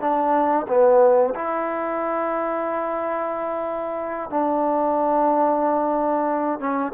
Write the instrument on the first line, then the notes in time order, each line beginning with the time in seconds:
trombone
0.00 D4
0.68 B3
1.35 E4
4.30 D4
6.59 C#4